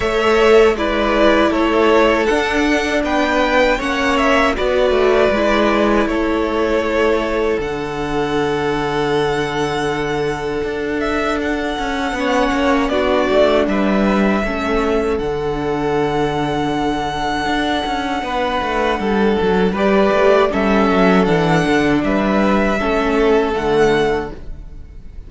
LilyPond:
<<
  \new Staff \with { instrumentName = "violin" } { \time 4/4 \tempo 4 = 79 e''4 d''4 cis''4 fis''4 | g''4 fis''8 e''8 d''2 | cis''2 fis''2~ | fis''2~ fis''8 e''8 fis''4~ |
fis''4 d''4 e''2 | fis''1~ | fis''2 d''4 e''4 | fis''4 e''2 fis''4 | }
  \new Staff \with { instrumentName = "violin" } { \time 4/4 cis''4 b'4 a'2 | b'4 cis''4 b'2 | a'1~ | a'1 |
cis''4 fis'4 b'4 a'4~ | a'1 | b'4 a'4 b'4 a'4~ | a'4 b'4 a'2 | }
  \new Staff \with { instrumentName = "viola" } { \time 4/4 a'4 e'2 d'4~ | d'4 cis'4 fis'4 e'4~ | e'2 d'2~ | d'1 |
cis'4 d'2 cis'4 | d'1~ | d'2 g'4 cis'4 | d'2 cis'4 a4 | }
  \new Staff \with { instrumentName = "cello" } { \time 4/4 a4 gis4 a4 d'4 | b4 ais4 b8 a8 gis4 | a2 d2~ | d2 d'4. cis'8 |
b8 ais8 b8 a8 g4 a4 | d2. d'8 cis'8 | b8 a8 g8 fis8 g8 a8 g8 fis8 | e8 d8 g4 a4 d4 | }
>>